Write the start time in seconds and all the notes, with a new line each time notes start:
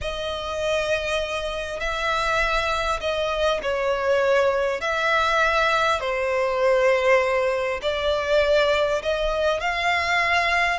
0.01 D#5
1.80 E5
3.00 D#5
3.62 C#5
4.81 E5
6.00 C5
7.82 D5
9.02 D#5
9.60 F5